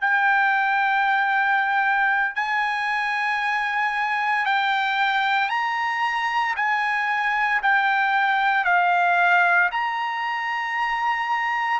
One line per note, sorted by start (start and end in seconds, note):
0.00 2.35 G5
2.35 4.45 G#5
4.45 5.49 G5
5.49 6.54 A#5
6.56 7.61 G#5
7.62 8.64 G5
8.64 9.69 F5
9.71 11.80 A#5